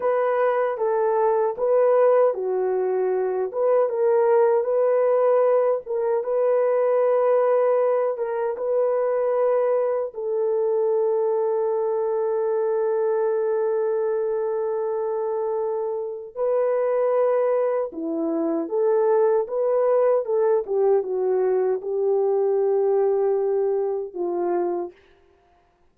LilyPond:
\new Staff \with { instrumentName = "horn" } { \time 4/4 \tempo 4 = 77 b'4 a'4 b'4 fis'4~ | fis'8 b'8 ais'4 b'4. ais'8 | b'2~ b'8 ais'8 b'4~ | b'4 a'2.~ |
a'1~ | a'4 b'2 e'4 | a'4 b'4 a'8 g'8 fis'4 | g'2. f'4 | }